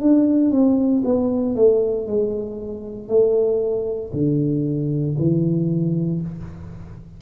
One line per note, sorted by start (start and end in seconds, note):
0.00 0.51 D4
0.51 1.03 C4
1.04 1.56 B3
1.56 2.07 A3
2.07 3.08 G#3
3.08 4.11 A3
4.13 5.16 D3
5.18 6.22 E3